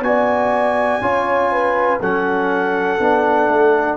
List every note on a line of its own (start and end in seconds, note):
0.00 0.98 B3
0.00 1.01 F#4
0.00 1.99 G#5
0.06 1.03 D5
1.01 1.99 C#4
1.01 2.00 F4
1.01 1.52 C#5
1.52 2.00 B4
2.00 2.99 F#3
2.00 3.00 C#4
2.00 3.97 A4
2.00 3.97 F#5
2.99 3.47 B3
2.99 3.97 D4
3.47 3.97 A3